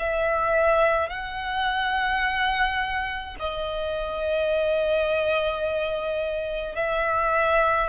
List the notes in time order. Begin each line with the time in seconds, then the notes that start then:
0.00 E5
1.10 F#5
3.40 D#5
6.77 E5